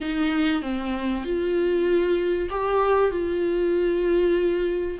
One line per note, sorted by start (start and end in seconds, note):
0.00 0.61 D#4
0.61 1.24 C4
1.24 2.49 F4
2.50 3.11 G4
3.11 4.98 F4